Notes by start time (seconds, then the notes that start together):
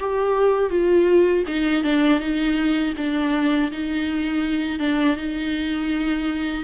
0.00 G4
0.70 F4
1.47 D#4
1.84 D4
2.20 D#4
2.98 D4
3.72 D#4
4.79 D4
5.17 D#4